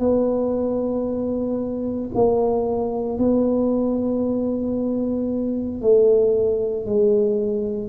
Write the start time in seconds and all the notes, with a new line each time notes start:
0.00 B3
2.15 A#3
3.19 B3
5.82 A3
6.86 G#3